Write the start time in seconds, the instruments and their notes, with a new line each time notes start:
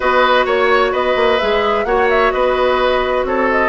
0.00 bassoon B3, clarinet F#4, oboe B4, flute D#5
0.45 bassoon A#3, oboe C#5, flute C#5
0.91 bassoon B3, oboe B4, flute D#5
1.15 bassoon A#3
1.39 bassoon G#3, clarinet G#4, flute E5
1.84 bassoon A#3, clarinet F#4, oboe C#5, flute F#5
2.09 flute E5
2.31 bassoon B3, oboe B4, flute D#5
3.23 bassoon C4, oboe A4, flute C#5
3.51 flute D#5